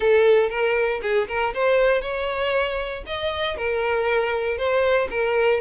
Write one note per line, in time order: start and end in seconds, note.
0.00 0.49 A4
0.49 1.00 A#4
1.02 1.27 G#4
1.28 1.53 A#4
1.54 2.01 C5
2.01 3.03 C#5
3.06 3.56 D#5
3.56 4.57 A#4
4.57 5.08 C5
5.10 5.60 A#4